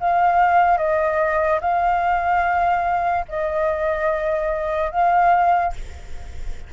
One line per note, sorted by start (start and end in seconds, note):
0.00 0.78 F5
0.78 1.60 D#5
1.61 3.25 F5
3.28 4.91 D#5
4.91 5.73 F5